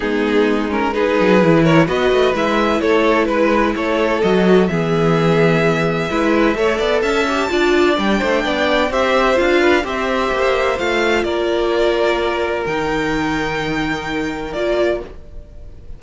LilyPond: <<
  \new Staff \with { instrumentName = "violin" } { \time 4/4 \tempo 4 = 128 gis'4. ais'8 b'4. cis''8 | dis''4 e''4 cis''4 b'4 | cis''4 dis''4 e''2~ | e''2. a''4~ |
a''4 g''2 e''4 | f''4 e''2 f''4 | d''2. g''4~ | g''2. d''4 | }
  \new Staff \with { instrumentName = "violin" } { \time 4/4 dis'2 gis'4. ais'8 | b'2 a'4 b'4 | a'2 gis'2~ | gis'4 b'4 cis''8 d''8 e''4 |
d''4. c''8 d''4 c''4~ | c''8 b'8 c''2. | ais'1~ | ais'1 | }
  \new Staff \with { instrumentName = "viola" } { \time 4/4 b4. cis'8 dis'4 e'4 | fis'4 e'2.~ | e'4 fis'4 b2~ | b4 e'4 a'4. g'8 |
f'4 d'2 g'4 | f'4 g'2 f'4~ | f'2. dis'4~ | dis'2. f'4 | }
  \new Staff \with { instrumentName = "cello" } { \time 4/4 gis2~ gis8 fis8 e4 | b8 a8 gis4 a4 gis4 | a4 fis4 e2~ | e4 gis4 a8 b8 cis'4 |
d'4 g8 a8 b4 c'4 | d'4 c'4 ais4 a4 | ais2. dis4~ | dis2. ais4 | }
>>